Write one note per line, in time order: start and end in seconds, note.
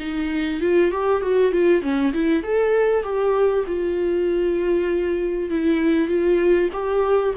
0.00 0.61 D#4
0.61 0.92 F4
0.92 1.22 G4
1.22 1.52 F#4
1.52 1.83 F4
1.83 2.13 C#4
2.13 2.43 E4
2.43 3.03 A4
3.03 3.65 G4
3.67 5.50 F4
5.50 6.08 E4
6.08 6.70 F4
6.73 7.34 G4